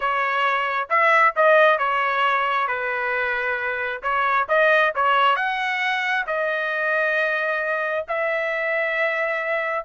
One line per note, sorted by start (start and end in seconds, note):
0.00 0.88 C#5
0.89 1.34 E5
1.36 1.78 D#5
1.78 2.67 C#5
2.67 4.02 B4
4.02 4.47 C#5
4.48 4.93 D#5
4.95 5.35 C#5
5.35 6.25 F#5
6.26 8.05 D#5
8.08 9.85 E5